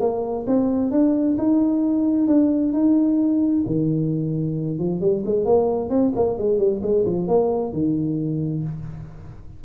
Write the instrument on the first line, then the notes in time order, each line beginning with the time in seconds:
tuba
0.00 A#3
0.47 C4
0.91 D4
1.38 D#4
2.27 D4
2.73 D#4
3.66 D#3
4.79 F3
5.01 G3
5.26 G#3
5.45 A#3
5.90 C4
6.15 A#3
6.38 G#3
6.58 G3
6.82 G#3
7.06 F3
7.28 A#3
7.73 D#3